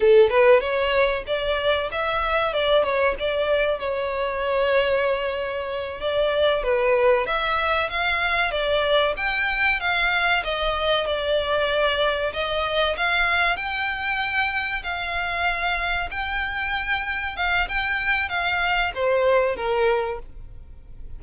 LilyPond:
\new Staff \with { instrumentName = "violin" } { \time 4/4 \tempo 4 = 95 a'8 b'8 cis''4 d''4 e''4 | d''8 cis''8 d''4 cis''2~ | cis''4. d''4 b'4 e''8~ | e''8 f''4 d''4 g''4 f''8~ |
f''8 dis''4 d''2 dis''8~ | dis''8 f''4 g''2 f''8~ | f''4. g''2 f''8 | g''4 f''4 c''4 ais'4 | }